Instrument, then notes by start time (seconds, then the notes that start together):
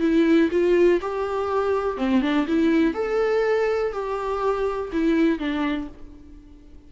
viola
0.00 E4
0.51 F4
1.01 G4
1.97 C4
2.22 D4
2.47 E4
2.94 A4
3.93 G4
4.92 E4
5.39 D4